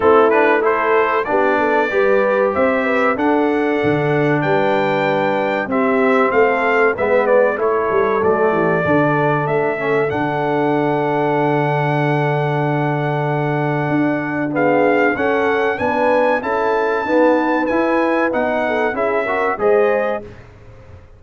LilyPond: <<
  \new Staff \with { instrumentName = "trumpet" } { \time 4/4 \tempo 4 = 95 a'8 b'8 c''4 d''2 | e''4 fis''2 g''4~ | g''4 e''4 f''4 e''8 d''8 | cis''4 d''2 e''4 |
fis''1~ | fis''2. f''4 | fis''4 gis''4 a''2 | gis''4 fis''4 e''4 dis''4 | }
  \new Staff \with { instrumentName = "horn" } { \time 4/4 e'4 a'4 g'8 a'8 b'4 | c''8 b'8 a'2 b'4~ | b'4 g'4 a'4 b'4 | a'4. g'8 a'2~ |
a'1~ | a'2. gis'4 | a'4 b'4 a'4 b'4~ | b'4. a'8 gis'8 ais'8 c''4 | }
  \new Staff \with { instrumentName = "trombone" } { \time 4/4 c'8 d'8 e'4 d'4 g'4~ | g'4 d'2.~ | d'4 c'2 b4 | e'4 a4 d'4. cis'8 |
d'1~ | d'2. b4 | cis'4 d'4 e'4 b4 | e'4 dis'4 e'8 fis'8 gis'4 | }
  \new Staff \with { instrumentName = "tuba" } { \time 4/4 a2 b4 g4 | c'4 d'4 d4 g4~ | g4 c'4 a4 gis4 | a8 g8 fis8 e8 d4 a4 |
d1~ | d2 d'2 | cis'4 b4 cis'4 dis'4 | e'4 b4 cis'4 gis4 | }
>>